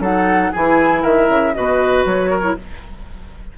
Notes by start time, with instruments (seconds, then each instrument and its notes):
0.00 bassoon F#3, clarinet D#4, oboe A4, flute F#5
0.52 bassoon E3, clarinet E4, oboe G#4, flute G#5
1.02 bassoon D#3, oboe A#4, flute E5
1.29 bassoon C#3
1.54 bassoon B2, clarinet F#4, oboe B4, flute D#5
2.05 bassoon F#3, flute C#5
2.31 oboe A#4
2.43 clarinet E4